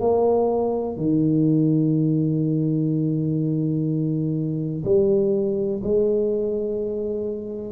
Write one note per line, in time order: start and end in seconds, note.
0.00 0.97 A#3
0.97 4.84 D#3
4.85 5.82 G3
5.83 7.72 G#3